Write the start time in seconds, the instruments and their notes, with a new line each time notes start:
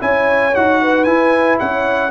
0.00 tuba C#4, trombone E4, horn C#5, trumpet G#5
0.55 tuba D#4, trombone F#4, trumpet F#5
0.82 horn B4
1.04 trombone E4, tuba E4, trumpet G#5
1.60 tuba C#4, horn C#5, trumpet F#5